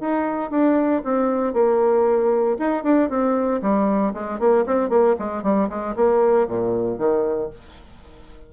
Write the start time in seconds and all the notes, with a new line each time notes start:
0.00 D#4
0.51 D4
1.04 C4
1.54 A#3
2.59 D#4
2.83 D4
3.09 C4
3.62 G3
4.14 G#3
4.39 A#3
4.66 C4
4.89 A#3
5.19 G#3
5.43 G3
5.69 G#3
5.96 A#3
6.48 A#2
6.98 D#3